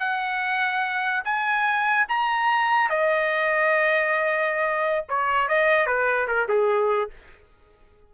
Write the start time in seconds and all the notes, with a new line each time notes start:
0.00 F#5
1.24 G#5
2.09 A#5
2.90 D#5
5.09 C#5
5.48 D#5
5.86 B4
6.28 A#4
6.49 G#4